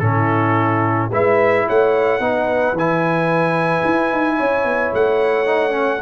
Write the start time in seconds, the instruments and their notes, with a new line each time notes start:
0.00 tuba A2, trombone C#4, horn E4, trumpet A4
1.11 tuba G#3, trombone E4, horn B4, trumpet E5
1.67 tuba A3, horn C#5, trumpet F#5
2.20 tuba B3, trombone D#4, horn B4
2.73 tuba E3, trumpet G#5
2.79 trombone E4
3.85 tuba E4
4.13 tuba D#4
4.37 tuba C#4, horn C#5
4.65 tuba B3
4.94 tuba A3, trumpet F#5
5.47 trombone D#4
5.71 trombone C#4